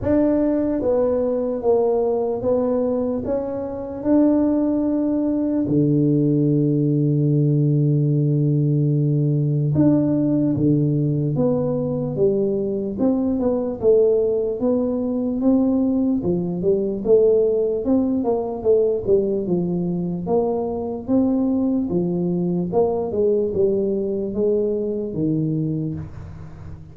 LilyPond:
\new Staff \with { instrumentName = "tuba" } { \time 4/4 \tempo 4 = 74 d'4 b4 ais4 b4 | cis'4 d'2 d4~ | d1 | d'4 d4 b4 g4 |
c'8 b8 a4 b4 c'4 | f8 g8 a4 c'8 ais8 a8 g8 | f4 ais4 c'4 f4 | ais8 gis8 g4 gis4 dis4 | }